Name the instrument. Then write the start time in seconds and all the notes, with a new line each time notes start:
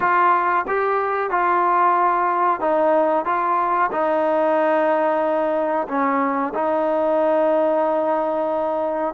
trombone
0.00 F4
0.67 G4
1.30 F4
2.60 D#4
3.25 F4
3.91 D#4
5.88 C#4
6.54 D#4